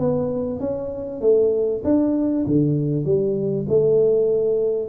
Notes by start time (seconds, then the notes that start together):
0.00 B3
0.60 C#4
1.22 A3
1.85 D4
2.47 D3
3.06 G3
3.69 A3